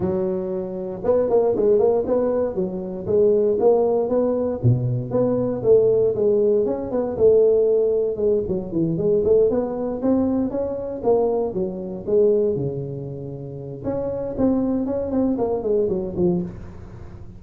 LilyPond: \new Staff \with { instrumentName = "tuba" } { \time 4/4 \tempo 4 = 117 fis2 b8 ais8 gis8 ais8 | b4 fis4 gis4 ais4 | b4 b,4 b4 a4 | gis4 cis'8 b8 a2 |
gis8 fis8 e8 gis8 a8 b4 c'8~ | c'8 cis'4 ais4 fis4 gis8~ | gis8 cis2~ cis8 cis'4 | c'4 cis'8 c'8 ais8 gis8 fis8 f8 | }